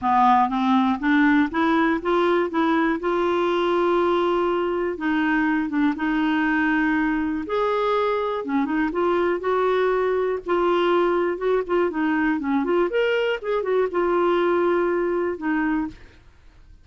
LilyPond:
\new Staff \with { instrumentName = "clarinet" } { \time 4/4 \tempo 4 = 121 b4 c'4 d'4 e'4 | f'4 e'4 f'2~ | f'2 dis'4. d'8 | dis'2. gis'4~ |
gis'4 cis'8 dis'8 f'4 fis'4~ | fis'4 f'2 fis'8 f'8 | dis'4 cis'8 f'8 ais'4 gis'8 fis'8 | f'2. dis'4 | }